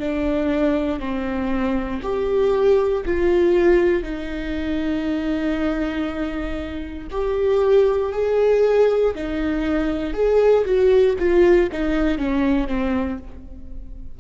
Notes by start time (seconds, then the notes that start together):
0.00 D4
1.00 C4
2.03 G4
3.06 F4
4.03 D#4
7.11 G4
8.13 G#4
9.15 D#4
10.14 G#4
10.65 F#4
11.20 F4
11.73 D#4
12.18 C#4
12.67 C4